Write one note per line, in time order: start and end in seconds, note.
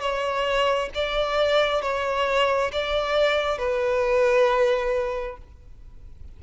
0.00 0.90 C#5
0.94 1.82 D5
1.82 2.72 C#5
2.72 3.58 D5
3.58 5.37 B4